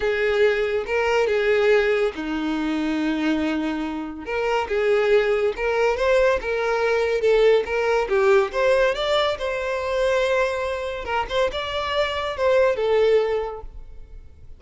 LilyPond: \new Staff \with { instrumentName = "violin" } { \time 4/4 \tempo 4 = 141 gis'2 ais'4 gis'4~ | gis'4 dis'2.~ | dis'2 ais'4 gis'4~ | gis'4 ais'4 c''4 ais'4~ |
ais'4 a'4 ais'4 g'4 | c''4 d''4 c''2~ | c''2 ais'8 c''8 d''4~ | d''4 c''4 a'2 | }